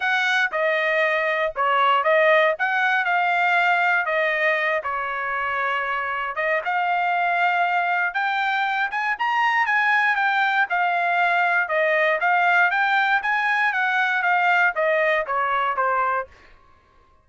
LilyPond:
\new Staff \with { instrumentName = "trumpet" } { \time 4/4 \tempo 4 = 118 fis''4 dis''2 cis''4 | dis''4 fis''4 f''2 | dis''4. cis''2~ cis''8~ | cis''8 dis''8 f''2. |
g''4. gis''8 ais''4 gis''4 | g''4 f''2 dis''4 | f''4 g''4 gis''4 fis''4 | f''4 dis''4 cis''4 c''4 | }